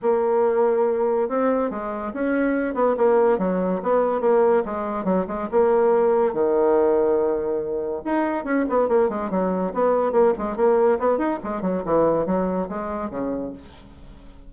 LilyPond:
\new Staff \with { instrumentName = "bassoon" } { \time 4/4 \tempo 4 = 142 ais2. c'4 | gis4 cis'4. b8 ais4 | fis4 b4 ais4 gis4 | fis8 gis8 ais2 dis4~ |
dis2. dis'4 | cis'8 b8 ais8 gis8 fis4 b4 | ais8 gis8 ais4 b8 dis'8 gis8 fis8 | e4 fis4 gis4 cis4 | }